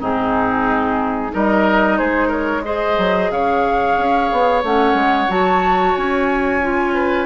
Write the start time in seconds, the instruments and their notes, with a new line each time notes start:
0.00 bassoon G#2, clarinet C4, oboe D#4, flute G#4
1.31 bassoon G3, clarinet D#4, oboe A#4, flute D#5
1.98 bassoon G#3, oboe G#4, flute C5
2.28 oboe A#4, flute C#5
2.64 clarinet G#4, oboe C5, flute D#5
2.98 bassoon F#3
3.31 bassoon C#3, oboe C#5, flute F5
3.98 bassoon C#4
4.32 bassoon B3
4.63 bassoon A3, clarinet C#4, flute F#5
4.94 bassoon G#3
5.29 bassoon F#3, clarinet F#4, flute A5
5.97 bassoon C#4, flute G#5
6.62 clarinet F4
6.94 oboe B4